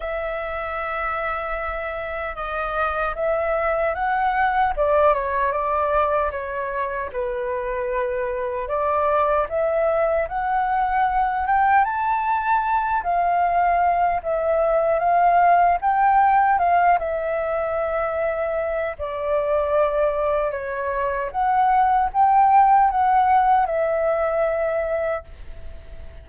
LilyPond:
\new Staff \with { instrumentName = "flute" } { \time 4/4 \tempo 4 = 76 e''2. dis''4 | e''4 fis''4 d''8 cis''8 d''4 | cis''4 b'2 d''4 | e''4 fis''4. g''8 a''4~ |
a''8 f''4. e''4 f''4 | g''4 f''8 e''2~ e''8 | d''2 cis''4 fis''4 | g''4 fis''4 e''2 | }